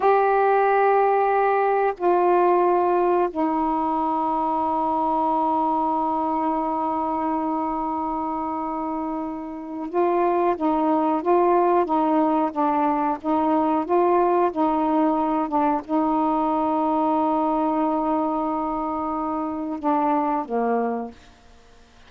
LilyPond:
\new Staff \with { instrumentName = "saxophone" } { \time 4/4 \tempo 4 = 91 g'2. f'4~ | f'4 dis'2.~ | dis'1~ | dis'2. f'4 |
dis'4 f'4 dis'4 d'4 | dis'4 f'4 dis'4. d'8 | dis'1~ | dis'2 d'4 ais4 | }